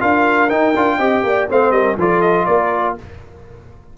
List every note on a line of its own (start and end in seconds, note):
0.00 0.51 D4
0.00 0.49 F4
0.00 0.98 A#4
0.00 0.50 F5
0.49 0.74 D#4
0.49 0.76 D#4
0.49 1.48 G5
0.76 0.98 D4
0.76 1.00 F4
0.98 1.23 C4
0.98 1.49 G4
0.98 1.22 D#5
1.23 1.48 A#3
1.23 1.50 D5
1.49 1.71 A3
1.49 1.98 C4
1.49 1.73 C5
1.49 1.71 F5
1.71 1.96 G3
1.71 1.98 A#4
1.71 1.96 D#5
1.97 2.47 F3
1.97 2.98 F4
1.97 2.47 A4
1.97 2.21 D5
2.21 2.46 D#5
2.46 2.98 A#3
2.46 2.96 A#4
2.46 2.95 D5